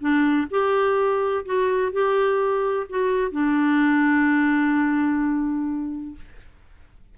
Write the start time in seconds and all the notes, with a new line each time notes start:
0.00 D4
0.50 G4
1.45 F#4
1.92 G4
2.89 F#4
3.31 D4